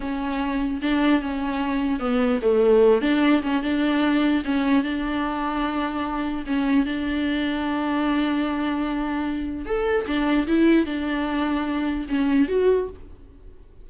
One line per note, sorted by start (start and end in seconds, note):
0.00 0.81 C#4
0.81 1.21 D4
1.21 1.99 C#4
1.99 2.40 B3
2.41 3.01 A3
3.01 3.42 D4
3.42 3.62 C#4
3.62 4.43 D4
4.44 4.83 C#4
4.83 6.44 D4
6.46 6.85 C#4
6.85 9.65 D4
9.65 10.05 A4
10.06 10.46 D4
10.47 10.85 E4
10.85 12.06 D4
12.08 12.48 C#4
12.48 12.88 F#4